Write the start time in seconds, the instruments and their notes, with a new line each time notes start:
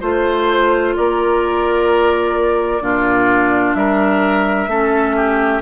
0.00 bassoon A3, clarinet F4, oboe C5, flute C5
0.96 bassoon A#3, oboe A#4, flute D5
2.80 bassoon A#2, clarinet D4, oboe F4
3.74 bassoon G3, oboe A#4, flute E5
4.67 bassoon A3, clarinet C#4, oboe A4
5.16 oboe G4